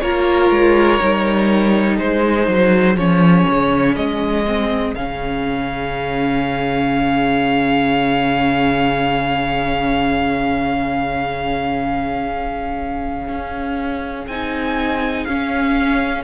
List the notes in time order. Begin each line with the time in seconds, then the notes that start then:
0.00 A#3 F4 A#4 C#5
0.50 G#3
1.01 G3 D#4
1.97 G#3 G#4 C5
2.48 F#3
2.97 F3 C#4 C#5
3.50 C#3
3.96 G#3 D#5
4.47 C4
4.95 C#3 C#4 F5
13.29 C#4
14.27 C4 D#4 G#5
15.25 C#4 F5